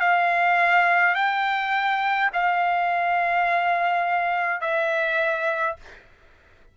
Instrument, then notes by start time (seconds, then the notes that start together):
trumpet
0.00 F5
1.15 G5
2.33 F5
4.61 E5